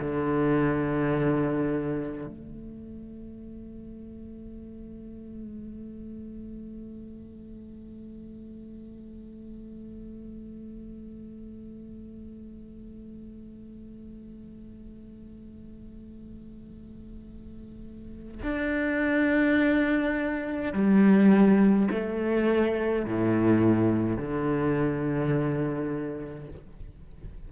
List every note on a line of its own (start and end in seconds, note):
0.00 2.27 D3
2.27 18.42 A3
18.43 20.73 D4
20.73 21.89 G3
21.91 23.06 A3
23.06 24.17 A2
24.17 26.48 D3